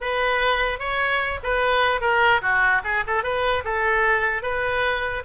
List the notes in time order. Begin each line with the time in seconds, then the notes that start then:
0.01 B4
0.79 C#5
1.43 B4
2.00 A#4
2.41 F#4
2.84 G#4
3.06 A4
3.23 B4
3.64 A4
4.42 B4